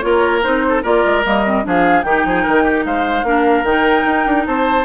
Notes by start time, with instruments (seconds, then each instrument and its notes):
0.00 bassoon A#3, clarinet F4, oboe A#4, flute C#5
0.43 bassoon C4, clarinet D#4, flute C5
0.69 oboe A4
0.83 bassoon A#3, clarinet F4, oboe A#4, flute D5
1.05 bassoon G#3
1.24 bassoon G3, clarinet A#3, flute D#5
1.46 clarinet C4
1.64 bassoon F3, clarinet D4, oboe G#4, flute F5
2.02 bassoon D#3, clarinet D#4, oboe G4, flute G5
2.25 bassoon F3, oboe G#4
2.43 bassoon D#3, oboe A#4
2.64 oboe G4
2.85 bassoon G#3, oboe C5, flute F5
3.23 bassoon A#3, clarinet D4, oboe A#4
3.64 bassoon D#3, clarinet D#4, flute G5
4.05 bassoon D#4
4.26 bassoon D4
4.46 bassoon C4, oboe C5, flute A5